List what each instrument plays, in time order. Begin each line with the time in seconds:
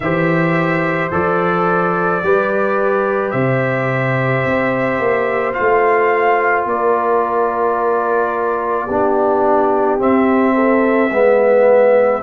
0.00 tuba E3, trombone G4, horn C5, trumpet E5
1.11 tuba F3, trombone A4, trumpet D5
2.22 tuba G3, trombone G4, horn B4
3.30 tuba C3, horn C5, trumpet E5
4.44 tuba C4
4.99 tuba A#3
5.53 tuba A3, trombone F4, trumpet F5
6.65 tuba A#3, horn A#4, trumpet D5
8.86 tuba B3, trombone D4, horn G4
9.98 trombone C4, tuba C4, trumpet E5
10.54 horn A4
11.10 tuba G#3, trombone B3, horn B4